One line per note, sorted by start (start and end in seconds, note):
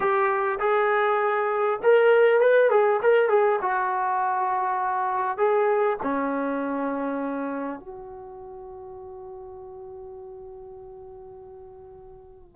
0.00 0.58 G4
0.59 1.79 G#4
1.82 2.40 A#4
2.40 2.70 B4
2.70 3.00 G#4
3.02 3.29 A#4
3.29 3.59 G#4
3.61 5.37 F#4
5.37 5.97 G#4
6.02 7.79 C#4
7.79 12.56 F#4